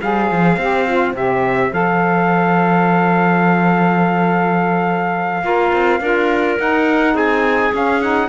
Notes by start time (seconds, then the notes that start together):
0.00 G3 G#4 C5 F5
0.30 F3
0.56 C4 G4
0.85 F4
1.13 C3 G4 E5
1.72 F3 A4 F5
5.42 A#3 F4 A#4
5.73 C4
6.00 D4 F4 A#4
6.57 D#4 F#5
7.14 C4 G#4 G#5
7.71 C#4 F5
8.01 D#4 F#5